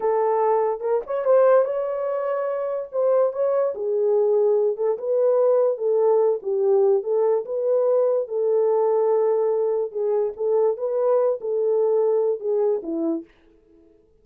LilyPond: \new Staff \with { instrumentName = "horn" } { \time 4/4 \tempo 4 = 145 a'2 ais'8 cis''8 c''4 | cis''2. c''4 | cis''4 gis'2~ gis'8 a'8 | b'2 a'4. g'8~ |
g'4 a'4 b'2 | a'1 | gis'4 a'4 b'4. a'8~ | a'2 gis'4 e'4 | }